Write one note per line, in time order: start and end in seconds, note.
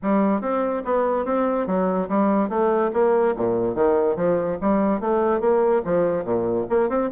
0.02 0.41 G3
0.41 0.82 C4
0.84 1.25 B3
1.25 1.66 C4
1.66 2.08 F#3
2.08 2.49 G3
2.49 2.91 A3
2.93 3.34 A#3
3.36 3.74 A#2
3.74 4.16 D#3
4.16 4.57 F3
4.61 5.00 G3
5.00 5.40 A3
5.40 5.82 A#3
5.84 6.24 F3
6.24 6.66 A#2
6.69 6.89 A#3
6.89 7.10 C4